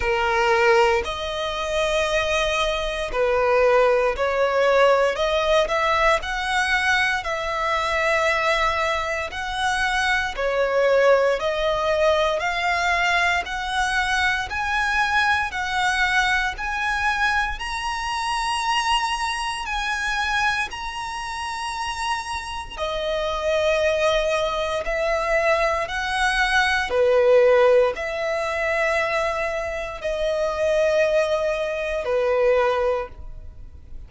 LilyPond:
\new Staff \with { instrumentName = "violin" } { \time 4/4 \tempo 4 = 58 ais'4 dis''2 b'4 | cis''4 dis''8 e''8 fis''4 e''4~ | e''4 fis''4 cis''4 dis''4 | f''4 fis''4 gis''4 fis''4 |
gis''4 ais''2 gis''4 | ais''2 dis''2 | e''4 fis''4 b'4 e''4~ | e''4 dis''2 b'4 | }